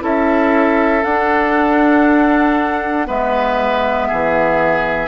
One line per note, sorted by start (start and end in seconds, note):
0.00 1.04 C#4
0.00 1.02 E4
0.00 3.07 A4
0.00 1.03 E5
1.03 3.08 D4
1.03 3.05 D4
1.03 3.07 F#5
3.05 4.10 G#3
3.05 5.08 B3
3.05 4.08 B4
3.05 5.08 E5
4.08 5.08 E3
4.08 5.08 G#4